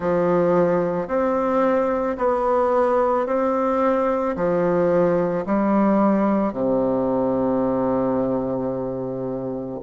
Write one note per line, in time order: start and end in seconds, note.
0.00 1.07 F3
1.07 2.16 C4
2.17 3.26 B3
3.26 4.35 C4
4.35 5.44 F3
5.45 6.53 G3
6.53 9.80 C3